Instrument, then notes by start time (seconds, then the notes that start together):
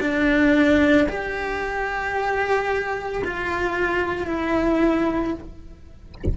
cello
0.00 D4
1.09 G4
3.24 F4
4.27 E4